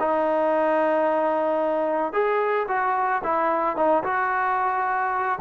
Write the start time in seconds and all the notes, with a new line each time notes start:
0.00 D#4
2.13 G#4
2.68 F#4
3.24 E4
3.77 D#4
4.04 F#4